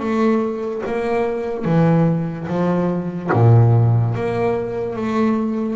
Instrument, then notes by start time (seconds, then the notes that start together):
double bass
0.00 A3
0.86 A#3
1.65 E3
2.48 F3
3.33 A#2
4.15 A#3
4.97 A3